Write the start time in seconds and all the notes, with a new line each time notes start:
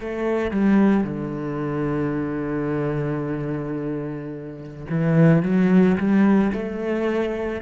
0.00 A3
0.51 G3
1.04 D3
4.89 E3
5.42 F#3
5.98 G3
6.53 A3